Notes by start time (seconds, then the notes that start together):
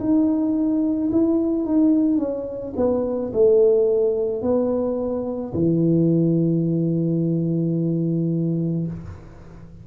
0.00 D#4
1.12 E4
1.66 D#4
2.19 C#4
2.77 B3
3.34 A3
4.42 B3
5.54 E3